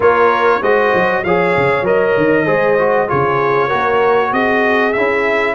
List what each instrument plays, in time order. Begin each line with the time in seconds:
0.00 tuba A#3, trombone F4, horn A#4, trumpet C#5
0.61 tuba G#3, trombone F#4, horn C5, trumpet D#5
0.94 tuba F#3
1.23 tuba F3, trombone G#4, horn C#5, trumpet F5
1.56 tuba C#3
1.82 tuba F#3, trombone A#4, trumpet D#5
2.16 tuba D#3
2.45 tuba G#3, trombone G#4, horn C5
2.78 trombone F#4
3.07 tuba C#3, trombone F4, horn G#4, trumpet C#5
3.67 tuba A#3, trombone F#4, horn A#4
4.31 tuba C4, horn G#4, trumpet D#5
4.92 tuba C#4, trombone E4, trumpet E5